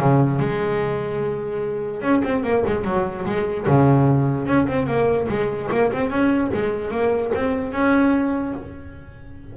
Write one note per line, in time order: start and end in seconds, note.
0.00 0.40 C#3
0.40 2.02 G#3
2.02 2.22 C#4
2.24 2.44 C4
2.44 2.64 A#3
2.67 2.85 G#3
2.85 3.26 F#3
3.26 3.67 G#3
3.67 4.47 C#3
4.47 4.68 C#4
4.68 4.87 C4
4.87 5.28 A#3
5.29 5.70 G#3
5.72 5.92 A#3
5.93 6.11 C4
6.11 6.52 C#4
6.54 6.91 G#3
6.91 7.32 A#3
7.35 7.73 C4
7.73 8.55 C#4